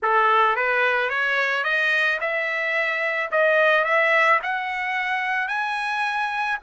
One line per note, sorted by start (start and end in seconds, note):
0.02 0.56 A4
0.56 1.09 B4
1.09 1.64 C#5
1.64 2.19 D#5
2.20 3.30 E5
3.31 3.84 D#5
3.84 4.39 E5
4.42 5.47 F#5
5.47 6.58 G#5